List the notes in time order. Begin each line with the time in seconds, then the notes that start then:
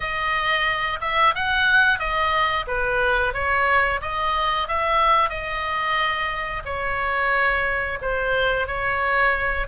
0.00 D#5
1.01 E5
1.35 F#5
1.98 D#5
2.67 B4
3.33 C#5
4.02 D#5
4.68 E5
5.29 D#5
6.65 C#5
8.01 C5
8.67 C#5